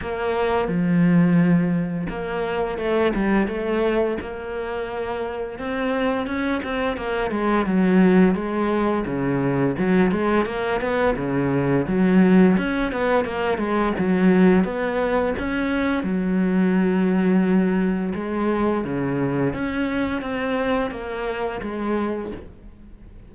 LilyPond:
\new Staff \with { instrumentName = "cello" } { \time 4/4 \tempo 4 = 86 ais4 f2 ais4 | a8 g8 a4 ais2 | c'4 cis'8 c'8 ais8 gis8 fis4 | gis4 cis4 fis8 gis8 ais8 b8 |
cis4 fis4 cis'8 b8 ais8 gis8 | fis4 b4 cis'4 fis4~ | fis2 gis4 cis4 | cis'4 c'4 ais4 gis4 | }